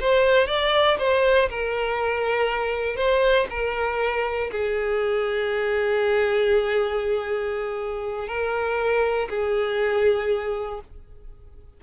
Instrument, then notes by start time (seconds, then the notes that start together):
violin
0.00 C5
0.47 D5
0.99 C5
1.49 A#4
2.96 C5
3.50 A#4
4.51 G#4
8.28 A#4
9.29 G#4